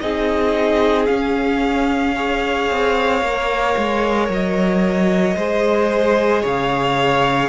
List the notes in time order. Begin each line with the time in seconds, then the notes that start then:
0.00 C4 D#4 G#4 D#5
1.06 C#4 F5
2.15 G#4 C#5
2.70 C4
3.21 A#3 A#4
3.77 G#3
4.28 F#3 D#5
5.36 G#3 G#4 C5
6.42 C#3 C#5 F5